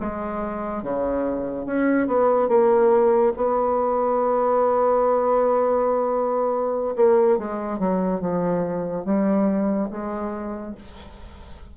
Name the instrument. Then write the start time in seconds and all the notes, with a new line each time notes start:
bassoon
0.00 G#3
0.83 C#3
1.66 C#4
2.07 B3
2.49 A#3
3.36 B3
6.96 A#3
7.38 G#3
7.79 F#3
8.21 F3
9.05 G3
9.91 G#3